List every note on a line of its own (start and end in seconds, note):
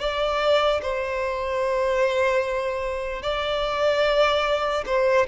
0.00 0.81 D5
0.82 3.22 C5
3.22 4.85 D5
4.86 5.27 C5